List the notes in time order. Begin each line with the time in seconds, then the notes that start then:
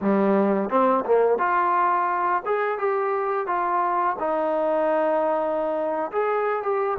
0.01 G3
0.69 C4
1.05 A#3
1.38 F4
2.45 G#4
2.78 G4
3.46 F4
4.19 D#4
6.11 G#4
6.62 G4